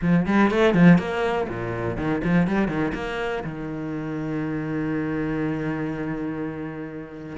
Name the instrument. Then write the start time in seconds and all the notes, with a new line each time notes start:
cello
0.01 F3
0.26 G3
0.50 A3
0.74 F3
0.98 A#3
1.48 A#2
1.97 D#3
2.24 F3
2.47 G3
2.68 D#3
2.94 A#3
3.44 D#3